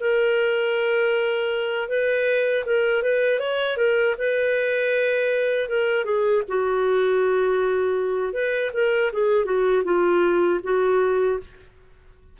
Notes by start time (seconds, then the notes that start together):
0.00 A#4
1.88 B4
2.65 A#4
3.02 B4
3.39 C#5
3.77 A#4
4.18 B4
5.69 A#4
6.04 G#4
6.48 F#4
8.33 B4
8.73 A#4
9.12 G#4
9.45 F#4
9.84 F4
10.63 F#4